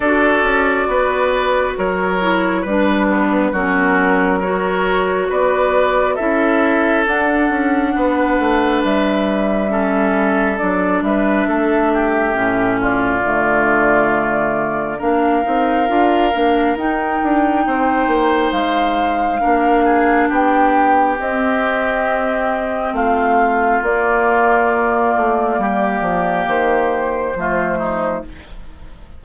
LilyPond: <<
  \new Staff \with { instrumentName = "flute" } { \time 4/4 \tempo 4 = 68 d''2 cis''4 b'4 | ais'4 cis''4 d''4 e''4 | fis''2 e''2 | d''8 e''2 d''4.~ |
d''4 f''2 g''4~ | g''4 f''2 g''4 | dis''2 f''4 d''4~ | d''2 c''2 | }
  \new Staff \with { instrumentName = "oboe" } { \time 4/4 a'4 b'4 ais'4 b'8 b8 | fis'4 ais'4 b'4 a'4~ | a'4 b'2 a'4~ | a'8 b'8 a'8 g'4 f'4.~ |
f'4 ais'2. | c''2 ais'8 gis'8 g'4~ | g'2 f'2~ | f'4 g'2 f'8 dis'8 | }
  \new Staff \with { instrumentName = "clarinet" } { \time 4/4 fis'2~ fis'8 e'8 d'4 | cis'4 fis'2 e'4 | d'2. cis'4 | d'2 cis'4 a4~ |
a4 d'8 dis'8 f'8 d'8 dis'4~ | dis'2 d'2 | c'2. ais4~ | ais2. a4 | }
  \new Staff \with { instrumentName = "bassoon" } { \time 4/4 d'8 cis'8 b4 fis4 g4 | fis2 b4 cis'4 | d'8 cis'8 b8 a8 g2 | fis8 g8 a4 a,4 d4~ |
d4 ais8 c'8 d'8 ais8 dis'8 d'8 | c'8 ais8 gis4 ais4 b4 | c'2 a4 ais4~ | ais8 a8 g8 f8 dis4 f4 | }
>>